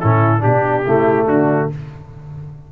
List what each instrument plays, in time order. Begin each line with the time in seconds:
0.00 tuba A2, trombone C#4, horn E4, trumpet A4
0.39 tuba B2, trombone D4, horn D4, trumpet G4
0.85 tuba C#3, trombone A3, horn E4
1.27 tuba D3, horn D4, trumpet F#4